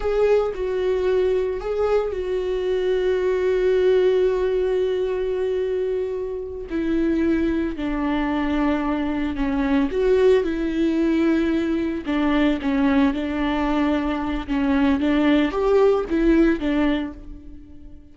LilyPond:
\new Staff \with { instrumentName = "viola" } { \time 4/4 \tempo 4 = 112 gis'4 fis'2 gis'4 | fis'1~ | fis'1~ | fis'8 e'2 d'4.~ |
d'4. cis'4 fis'4 e'8~ | e'2~ e'8 d'4 cis'8~ | cis'8 d'2~ d'8 cis'4 | d'4 g'4 e'4 d'4 | }